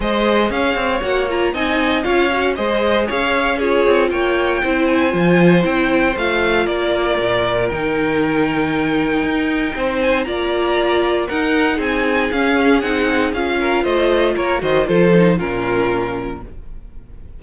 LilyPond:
<<
  \new Staff \with { instrumentName = "violin" } { \time 4/4 \tempo 4 = 117 dis''4 f''4 fis''8 ais''8 gis''4 | f''4 dis''4 f''4 cis''4 | g''4. gis''4. g''4 | f''4 d''2 g''4~ |
g''2.~ g''8 gis''8 | ais''2 fis''4 gis''4 | f''4 fis''4 f''4 dis''4 | cis''8 dis''8 c''4 ais'2 | }
  \new Staff \with { instrumentName = "violin" } { \time 4/4 c''4 cis''2 dis''4 | cis''4 c''4 cis''4 gis'4 | cis''4 c''2.~ | c''4 ais'2.~ |
ais'2. c''4 | d''2 ais'4 gis'4~ | gis'2~ gis'8 ais'8 c''4 | ais'8 c''8 a'4 f'2 | }
  \new Staff \with { instrumentName = "viola" } { \time 4/4 gis'2 fis'8 f'8 dis'4 | f'8 fis'8 gis'2 f'4~ | f'4 e'4 f'4 e'4 | f'2. dis'4~ |
dis'1 | f'2 dis'2 | cis'4 dis'4 f'2~ | f'8 fis'8 f'8 dis'8 cis'2 | }
  \new Staff \with { instrumentName = "cello" } { \time 4/4 gis4 cis'8 c'8 ais4 c'4 | cis'4 gis4 cis'4. c'8 | ais4 c'4 f4 c'4 | a4 ais4 ais,4 dis4~ |
dis2 dis'4 c'4 | ais2 dis'4 c'4 | cis'4 c'4 cis'4 a4 | ais8 dis8 f4 ais,2 | }
>>